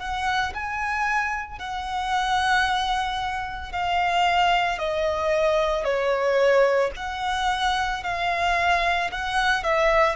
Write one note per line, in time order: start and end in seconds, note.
0.00 0.54 F#5
0.55 1.59 G#5
1.59 3.73 F#5
3.73 4.79 F5
4.79 5.84 D#5
5.84 6.92 C#5
6.96 8.04 F#5
8.04 9.11 F5
9.12 9.64 F#5
9.64 10.16 E5